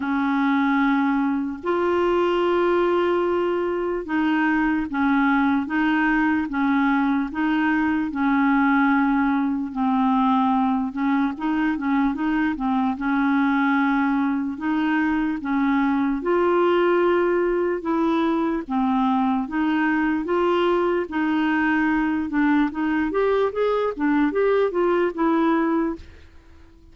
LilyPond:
\new Staff \with { instrumentName = "clarinet" } { \time 4/4 \tempo 4 = 74 cis'2 f'2~ | f'4 dis'4 cis'4 dis'4 | cis'4 dis'4 cis'2 | c'4. cis'8 dis'8 cis'8 dis'8 c'8 |
cis'2 dis'4 cis'4 | f'2 e'4 c'4 | dis'4 f'4 dis'4. d'8 | dis'8 g'8 gis'8 d'8 g'8 f'8 e'4 | }